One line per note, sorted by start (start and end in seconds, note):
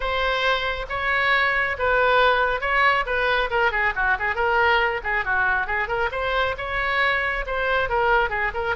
0.00 0.86 C5
0.89 1.77 C#5
1.78 2.61 B4
2.61 3.04 C#5
3.06 3.49 B4
3.50 3.71 A#4
3.71 3.93 G#4
3.95 4.17 F#4
4.19 4.35 G#4
4.35 5.00 A#4
5.03 5.25 G#4
5.25 5.66 F#4
5.66 5.87 G#4
5.87 6.09 A#4
6.11 6.55 C5
6.57 7.45 C#5
7.46 7.89 C5
7.89 8.29 A#4
8.29 8.51 G#4
8.53 8.75 A#4